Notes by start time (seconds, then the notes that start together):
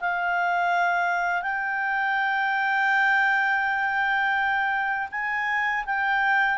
0.00 F5
1.42 G5
5.11 G#5
5.86 G5